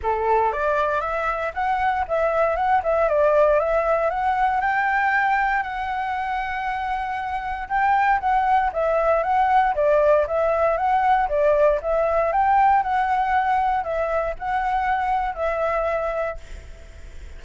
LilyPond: \new Staff \with { instrumentName = "flute" } { \time 4/4 \tempo 4 = 117 a'4 d''4 e''4 fis''4 | e''4 fis''8 e''8 d''4 e''4 | fis''4 g''2 fis''4~ | fis''2. g''4 |
fis''4 e''4 fis''4 d''4 | e''4 fis''4 d''4 e''4 | g''4 fis''2 e''4 | fis''2 e''2 | }